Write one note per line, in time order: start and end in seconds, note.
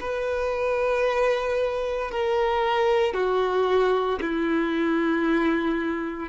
0.00 2.11 B4
2.11 3.13 A#4
3.13 4.19 F#4
4.21 6.29 E4